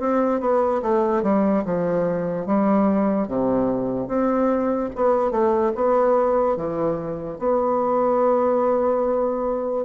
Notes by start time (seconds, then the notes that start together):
0.00 C4
0.41 B3
0.83 A3
1.23 G3
1.66 F3
2.46 G3
3.28 C3
4.08 C4
4.95 B3
5.31 A3
5.75 B3
6.57 E3
7.39 B3